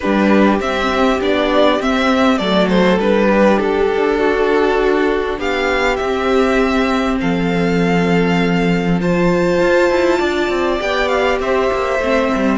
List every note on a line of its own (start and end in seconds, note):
0.00 0.59 G3
0.00 0.60 D4
0.00 2.38 G4
0.00 0.58 B4
0.59 1.20 C4
0.59 1.20 E5
1.20 1.79 B3
1.20 1.79 D4
1.20 1.81 D5
1.79 2.39 C4
1.79 2.40 C4
1.79 2.38 E5
2.38 2.98 F#3
2.38 3.00 A3
2.38 3.28 A4
2.38 2.68 D5
2.68 2.98 C5
2.98 3.58 G3
2.98 6.00 D4
2.98 3.59 B4
3.30 4.19 G4
3.59 5.38 D4
3.59 5.39 A4
4.19 5.39 F#4
5.38 5.98 B3
5.38 7.19 G4
5.38 5.96 F5
5.96 7.20 C4
5.96 8.99 C4
5.96 7.16 E5
7.20 9.60 F3
7.20 9.00 A4
7.20 9.00 F5
8.99 10.79 F4
8.99 10.18 C5
8.99 10.81 A5
9.60 9.90 F4
9.90 10.20 E4
10.18 10.49 D4
10.18 11.38 D5
10.49 10.79 C4
10.79 11.39 B3
10.79 11.99 G4
10.79 11.08 G5
11.08 11.38 F5
11.39 11.69 C4
11.39 12.58 C5
11.39 12.58 E5
11.72 11.99 A#3
11.99 12.29 A3
11.99 12.58 C4
12.35 12.58 G3